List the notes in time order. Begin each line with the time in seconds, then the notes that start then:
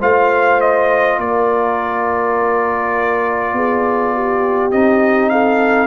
0.00 A3 F4 C5 F5
0.61 D#5
1.18 A#3 A#4 D5
3.53 B3 G#4
4.14 G4
4.71 C4 D#4 D#5
5.29 A4 F5